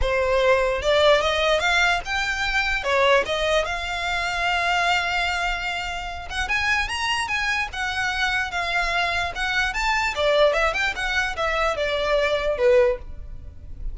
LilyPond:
\new Staff \with { instrumentName = "violin" } { \time 4/4 \tempo 4 = 148 c''2 d''4 dis''4 | f''4 g''2 cis''4 | dis''4 f''2.~ | f''2.~ f''8 fis''8 |
gis''4 ais''4 gis''4 fis''4~ | fis''4 f''2 fis''4 | a''4 d''4 e''8 g''8 fis''4 | e''4 d''2 b'4 | }